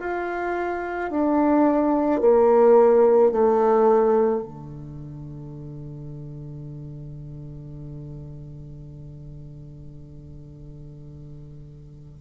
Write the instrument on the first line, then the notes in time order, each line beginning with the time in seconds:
bassoon
0.00 F4
1.11 D4
2.21 A#3
3.32 A3
4.43 D3